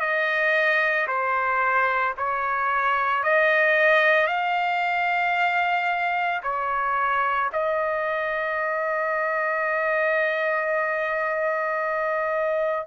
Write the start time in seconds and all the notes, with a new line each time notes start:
0.00 D#5
1.07 C5
2.17 C#5
3.23 D#5
4.27 F5
6.43 C#5
7.52 D#5